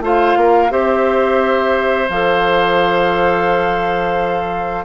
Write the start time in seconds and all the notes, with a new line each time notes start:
0.00 A3 F4 C5
0.06 F5
0.36 A#3 A#4
0.69 C4 G4 C5 E5
2.09 F3 A4 F5